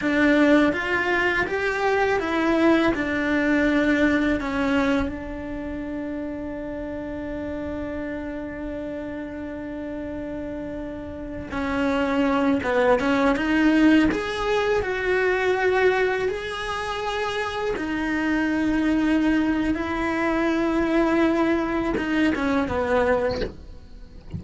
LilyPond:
\new Staff \with { instrumentName = "cello" } { \time 4/4 \tempo 4 = 82 d'4 f'4 g'4 e'4 | d'2 cis'4 d'4~ | d'1~ | d'2.~ d'8. cis'16~ |
cis'4~ cis'16 b8 cis'8 dis'4 gis'8.~ | gis'16 fis'2 gis'4.~ gis'16~ | gis'16 dis'2~ dis'8. e'4~ | e'2 dis'8 cis'8 b4 | }